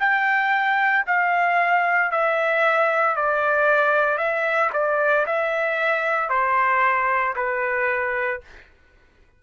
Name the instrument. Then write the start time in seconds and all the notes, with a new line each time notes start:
trumpet
0.00 G5
1.07 F5
2.11 E5
3.16 D5
4.18 E5
4.74 D5
5.26 E5
6.30 C5
7.36 B4